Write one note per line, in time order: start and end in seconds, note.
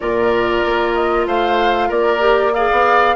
0.00 0.64 A#2
0.00 2.19 F4
0.00 1.27 A#4
0.00 0.94 D5
0.64 1.26 A#3
0.94 1.25 D#5
1.26 1.89 A3
1.26 1.88 C5
1.26 1.90 F5
1.88 2.69 A#3
1.88 2.51 A#4
1.88 2.53 D5
2.19 2.51 G4
2.53 3.15 G#4
2.53 3.15 D5
2.53 3.15 F5
2.71 3.15 B3